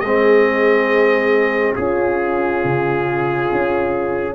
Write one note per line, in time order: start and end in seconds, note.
0.00 1.76 G#3
0.00 1.79 C4
0.00 1.77 G#4
0.00 1.74 D#5
1.76 2.64 C#4
1.76 4.35 C#4
1.76 4.35 F4
1.76 4.35 G#4
2.64 3.51 C#3
3.52 4.35 C#4